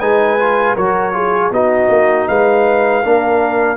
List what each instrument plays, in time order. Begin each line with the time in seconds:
0.00 tuba G#3, trombone D#4, horn B4, trumpet G#5
0.40 trombone F4
0.76 tuba F#3, trombone F#4, horn A#4, trumpet C#5
1.13 trombone F4, horn G#4
1.51 tuba B3, trombone D#4, horn F#4, trumpet D#5
1.89 tuba A#3
2.28 tuba G#3, horn B4, trumpet F5
3.03 tuba A#3, trombone D4, horn A#4